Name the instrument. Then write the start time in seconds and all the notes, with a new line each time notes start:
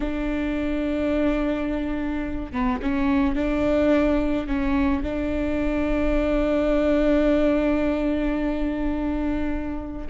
viola
0.00 D4
2.52 B3
2.81 C#4
3.35 D4
4.47 C#4
5.03 D4